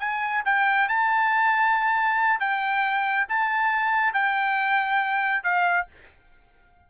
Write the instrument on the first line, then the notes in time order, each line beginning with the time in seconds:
trumpet
0.00 G#5
0.46 G5
0.89 A5
2.40 G5
3.29 A5
4.14 G5
5.44 F5